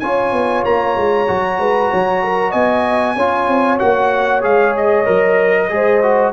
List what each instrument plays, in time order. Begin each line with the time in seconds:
0.00 tuba C#4, trombone F4, horn C#5, trumpet G#5
0.33 tuba B3
0.65 tuba A#3, trumpet A#5
0.97 tuba G#3
1.28 tuba F#3, trombone F#4
1.59 tuba G#3, horn B4
1.91 tuba F#3, horn C#5
2.24 horn A#4
2.51 tuba B3, horn D#5, trumpet G#5
3.16 tuba C#4, trombone F4, horn C#5
3.49 tuba C4
3.79 tuba A#3, trombone F#4, trumpet F#5
4.42 tuba G#3, trombone G#4, trumpet F5
4.77 trumpet D#5
5.05 tuba F#3, trombone A#4
5.70 tuba G#3, trombone G#4, horn C5
6.03 trombone F#4